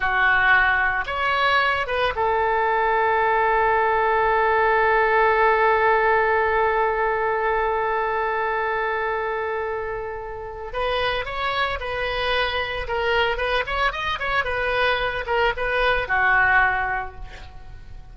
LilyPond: \new Staff \with { instrumentName = "oboe" } { \time 4/4 \tempo 4 = 112 fis'2 cis''4. b'8 | a'1~ | a'1~ | a'1~ |
a'1 | b'4 cis''4 b'2 | ais'4 b'8 cis''8 dis''8 cis''8 b'4~ | b'8 ais'8 b'4 fis'2 | }